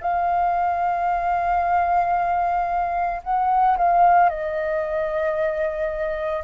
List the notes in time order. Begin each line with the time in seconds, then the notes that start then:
0.00 F5
3.23 F#5
3.77 F5
4.29 D#5